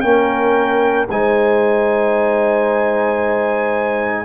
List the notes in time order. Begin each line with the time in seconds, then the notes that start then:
0.00 A#3 C#4 A#4 G5
1.10 G#3 D#4 C5 G#5